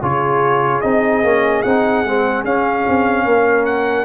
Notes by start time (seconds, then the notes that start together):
0.00 C#3 F4 G#4 C#5
0.81 C4 D#4 D#5
1.23 A#3 C#4
1.62 C4 D#4 F#5
2.04 G#3 C4
2.44 C#4 F5
2.88 C4
3.25 A#3 A#4
3.65 F#5